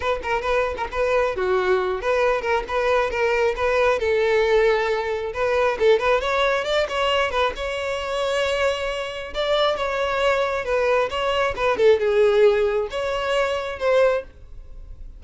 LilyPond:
\new Staff \with { instrumentName = "violin" } { \time 4/4 \tempo 4 = 135 b'8 ais'8 b'8. ais'16 b'4 fis'4~ | fis'8 b'4 ais'8 b'4 ais'4 | b'4 a'2. | b'4 a'8 b'8 cis''4 d''8 cis''8~ |
cis''8 b'8 cis''2.~ | cis''4 d''4 cis''2 | b'4 cis''4 b'8 a'8 gis'4~ | gis'4 cis''2 c''4 | }